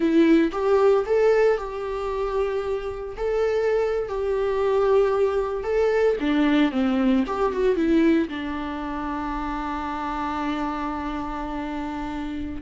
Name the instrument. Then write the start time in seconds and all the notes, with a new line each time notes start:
viola
0.00 E4
0.52 G4
1.06 A4
1.57 G4
3.17 A4
4.08 G4
5.63 A4
6.20 D4
6.71 C4
7.26 G4
7.52 F#4
7.75 E4
8.28 D4